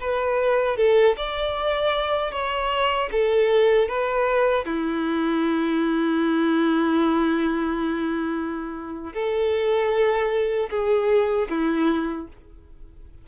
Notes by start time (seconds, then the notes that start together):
0.00 B4
0.77 A4
1.17 D5
2.31 C#5
3.11 A4
3.88 B4
4.65 E4
9.13 A4
10.70 G#4
11.49 E4